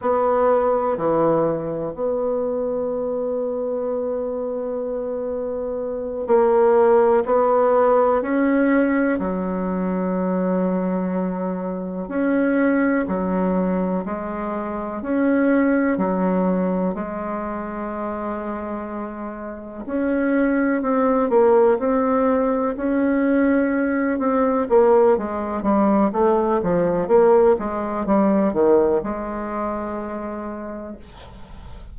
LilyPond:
\new Staff \with { instrumentName = "bassoon" } { \time 4/4 \tempo 4 = 62 b4 e4 b2~ | b2~ b8 ais4 b8~ | b8 cis'4 fis2~ fis8~ | fis8 cis'4 fis4 gis4 cis'8~ |
cis'8 fis4 gis2~ gis8~ | gis8 cis'4 c'8 ais8 c'4 cis'8~ | cis'4 c'8 ais8 gis8 g8 a8 f8 | ais8 gis8 g8 dis8 gis2 | }